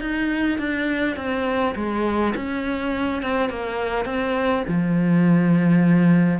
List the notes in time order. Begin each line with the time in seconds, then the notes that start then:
0.00 D#4
0.58 D4
1.16 C4
1.75 G#3
2.35 C#4
3.22 C4
3.49 A#3
4.05 C4
4.67 F3